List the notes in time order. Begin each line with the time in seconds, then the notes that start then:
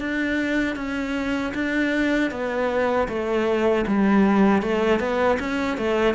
0.00 D4
0.76 C#4
1.54 D4
2.31 B3
3.08 A3
3.87 G3
4.62 A3
5.00 B3
5.39 C#4
5.78 A3